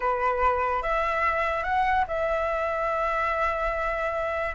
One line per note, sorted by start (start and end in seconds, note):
0.00 0.82 B4
0.82 1.63 E5
1.63 2.05 F#5
2.07 4.55 E5